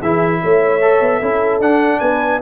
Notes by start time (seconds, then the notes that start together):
0.00 E3 E4 G#4 E5
0.43 A3 C#5
0.82 A4
1.01 B3
1.19 C#4 E4 A4
1.60 D4 F#5
2.00 B3 B4 G#5